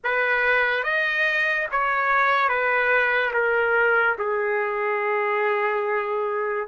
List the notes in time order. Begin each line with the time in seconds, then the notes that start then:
0.03 B4
0.83 D#5
1.71 C#5
2.48 B4
3.33 A#4
4.18 G#4